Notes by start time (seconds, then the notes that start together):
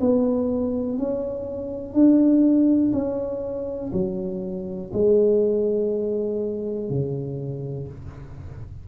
0.00 B3
0.97 C#4
1.93 D4
2.92 C#4
3.92 F#3
4.93 G#3
6.89 C#3